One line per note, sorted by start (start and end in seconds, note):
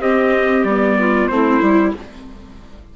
0.00 0.64 C4
0.00 0.68 C4
0.00 0.98 G4
0.00 0.65 D#5
0.64 1.28 G3
0.64 1.30 B3
0.64 1.28 D5
0.99 1.31 F4
1.28 1.61 A3
1.28 1.60 C4
1.28 1.97 E4
1.28 1.93 C5
1.60 1.94 G3
1.60 1.92 E4